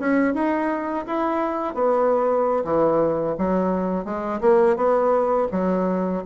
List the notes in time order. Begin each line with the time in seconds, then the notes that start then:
0.00 C#4
0.34 D#4
1.07 E4
1.75 B3
2.65 E3
3.38 F#3
4.05 G#3
4.41 A#3
4.77 B3
5.52 F#3